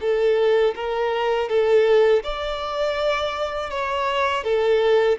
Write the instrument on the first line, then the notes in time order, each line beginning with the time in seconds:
violin
0.00 A4
0.75 A#4
1.48 A4
2.23 D5
3.70 C#5
4.43 A4